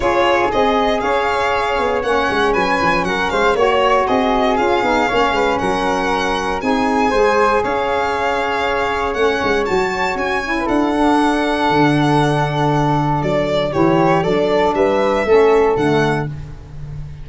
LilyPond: <<
  \new Staff \with { instrumentName = "violin" } { \time 4/4 \tempo 4 = 118 cis''4 dis''4 f''2 | fis''4 gis''4 fis''8 f''8 cis''4 | dis''4 f''2 fis''4~ | fis''4 gis''2 f''4~ |
f''2 fis''4 a''4 | gis''4 fis''2.~ | fis''2 d''4 cis''4 | d''4 e''2 fis''4 | }
  \new Staff \with { instrumentName = "flute" } { \time 4/4 gis'2 cis''2~ | cis''4 b'4 ais'8 c''8 cis''4 | gis'2 cis''8 b'8 ais'4~ | ais'4 gis'4 c''4 cis''4~ |
cis''1~ | cis''8. b'16 a'2.~ | a'2. g'4 | a'4 b'4 a'2 | }
  \new Staff \with { instrumentName = "saxophone" } { \time 4/4 f'4 gis'2. | cis'2. fis'4~ | fis'4 f'8 dis'8 cis'2~ | cis'4 dis'4 gis'2~ |
gis'2 cis'4 fis'4~ | fis'8 e'4 d'2~ d'8~ | d'2. e'4 | d'2 cis'4 a4 | }
  \new Staff \with { instrumentName = "tuba" } { \time 4/4 cis'4 c'4 cis'4. b8 | ais8 gis8 fis8 f8 fis8 gis8 ais4 | c'4 cis'8 b8 ais8 gis8 fis4~ | fis4 c'4 gis4 cis'4~ |
cis'2 a8 gis8 fis4 | cis'4 d'2 d4~ | d2 fis4 e4 | fis4 g4 a4 d4 | }
>>